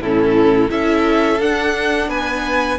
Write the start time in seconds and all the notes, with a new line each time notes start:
0.00 A2 C#4 E4 A4
0.69 C#4 E4 A4 E5
1.40 D4 F#5
2.08 B3 B4 G#5